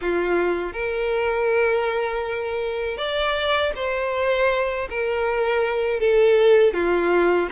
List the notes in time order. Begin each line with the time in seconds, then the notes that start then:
0.01 F4
0.72 A#4
2.97 D5
3.75 C5
4.90 A#4
6.00 A4
6.73 F4